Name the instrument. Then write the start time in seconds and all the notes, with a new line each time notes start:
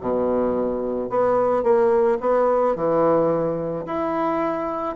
bassoon
0.00 B2
1.09 B3
1.63 A#3
2.20 B3
2.75 E3
3.86 E4